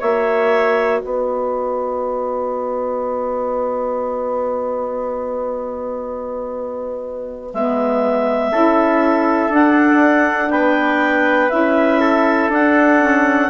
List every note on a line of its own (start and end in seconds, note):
0.00 1.02 A#3
0.00 7.51 F#4
0.00 1.00 C#5
0.00 1.00 E5
1.00 7.54 B3
1.00 8.50 B4
1.00 7.50 D#5
7.54 8.52 G#3
7.54 8.53 B3
7.54 9.54 E5
8.52 9.50 C#4
8.52 9.50 E4
8.52 10.52 A4
9.50 10.50 D4
9.50 11.50 D4
9.50 10.51 F#5
10.51 11.51 B3
10.51 12.01 B4
10.51 11.50 G5
11.50 12.49 C#4
11.50 12.50 E4
11.50 12.50 E5
12.01 13.51 A4
12.49 13.49 D4
12.49 13.01 D4
12.49 13.51 F#5
13.01 13.51 C#4